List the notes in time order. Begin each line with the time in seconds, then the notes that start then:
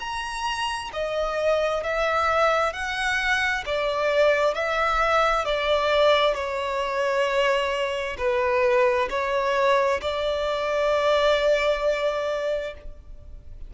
0.00 A#5
0.93 D#5
1.83 E5
2.73 F#5
3.66 D5
4.55 E5
5.45 D5
6.35 C#5
8.18 B4
9.10 C#5
10.02 D5